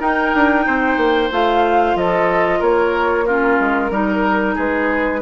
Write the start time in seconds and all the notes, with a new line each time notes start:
0.00 D#4 A#4 G5
0.34 D4
0.67 C4 C5
0.97 A#3
1.31 A3 F4 F5
1.96 F3 A4 D#5
2.60 A#3 A#4 C#5
3.26 C#4 F4 A#4
3.60 G#3
3.91 G3 D#4 A#4
4.55 G#3 G#4 B4